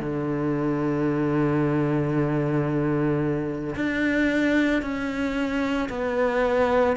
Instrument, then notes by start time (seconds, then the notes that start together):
cello
0.00 D3
3.75 D4
4.82 C#4
5.89 B3